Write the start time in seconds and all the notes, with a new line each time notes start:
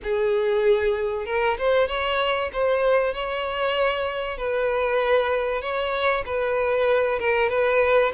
0.03 G#4
1.25 A#4
1.58 C5
1.88 C#5
2.52 C5
3.14 C#5
4.37 B4
5.61 C#5
6.25 B4
7.19 A#4
7.49 B4